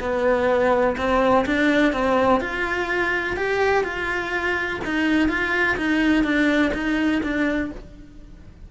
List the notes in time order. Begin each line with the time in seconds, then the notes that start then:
0.00 B3
0.97 C4
1.46 D4
1.92 C4
2.40 F4
3.36 G4
3.84 F4
4.84 D#4
5.28 F4
5.77 D#4
6.23 D4
6.74 D#4
7.23 D4